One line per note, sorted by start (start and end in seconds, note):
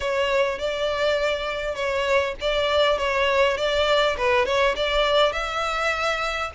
0.00 0.59 C#5
0.59 1.75 D5
1.75 2.34 C#5
2.40 2.98 D5
2.98 3.57 C#5
3.57 4.16 D5
4.17 4.45 B4
4.45 4.75 C#5
4.76 5.32 D5
5.32 6.50 E5